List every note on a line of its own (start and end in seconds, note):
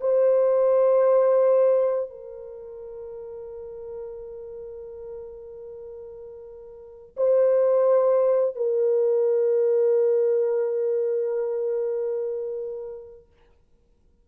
0.00 2.09 C5
2.09 7.15 A#4
7.16 8.55 C5
8.55 13.26 A#4